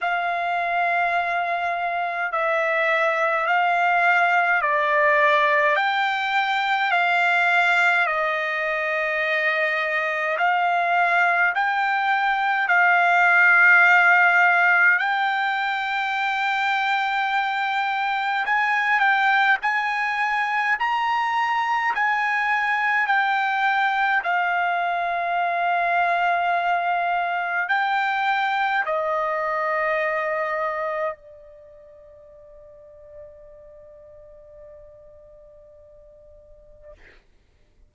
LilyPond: \new Staff \with { instrumentName = "trumpet" } { \time 4/4 \tempo 4 = 52 f''2 e''4 f''4 | d''4 g''4 f''4 dis''4~ | dis''4 f''4 g''4 f''4~ | f''4 g''2. |
gis''8 g''8 gis''4 ais''4 gis''4 | g''4 f''2. | g''4 dis''2 d''4~ | d''1 | }